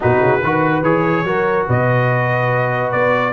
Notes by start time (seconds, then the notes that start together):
0.00 B2 D#4 F#4 B4
0.20 C#3
0.42 D#3 F#4 B4
0.83 E3 G#4 C#5
1.24 F#3 F#4 A#4
1.67 B2 B4 D#5
2.91 B3 D5